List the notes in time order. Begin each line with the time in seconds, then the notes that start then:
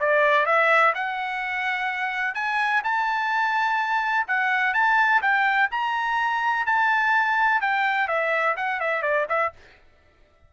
0.00 D5
0.46 E5
0.95 F#5
2.35 G#5
2.84 A5
4.27 F#5
4.74 A5
5.22 G5
5.71 A#5
6.66 A5
7.61 G5
8.08 E5
8.57 F#5
8.81 E5
9.03 D5
9.29 E5